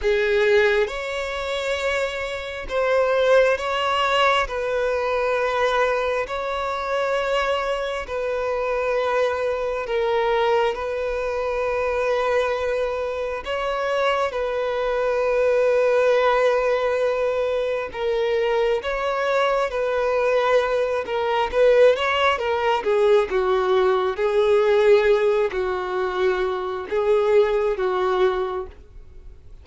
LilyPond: \new Staff \with { instrumentName = "violin" } { \time 4/4 \tempo 4 = 67 gis'4 cis''2 c''4 | cis''4 b'2 cis''4~ | cis''4 b'2 ais'4 | b'2. cis''4 |
b'1 | ais'4 cis''4 b'4. ais'8 | b'8 cis''8 ais'8 gis'8 fis'4 gis'4~ | gis'8 fis'4. gis'4 fis'4 | }